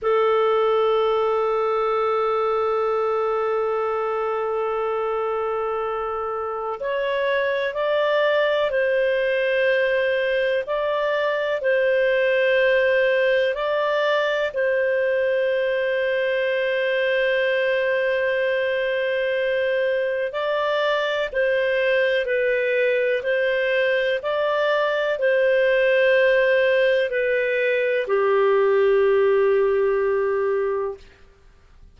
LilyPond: \new Staff \with { instrumentName = "clarinet" } { \time 4/4 \tempo 4 = 62 a'1~ | a'2. cis''4 | d''4 c''2 d''4 | c''2 d''4 c''4~ |
c''1~ | c''4 d''4 c''4 b'4 | c''4 d''4 c''2 | b'4 g'2. | }